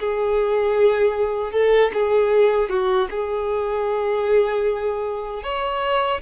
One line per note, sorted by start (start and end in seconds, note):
0.00 1.52 G#4
1.52 1.91 A4
1.94 2.70 G#4
2.70 3.09 F#4
3.11 5.44 G#4
5.44 6.22 C#5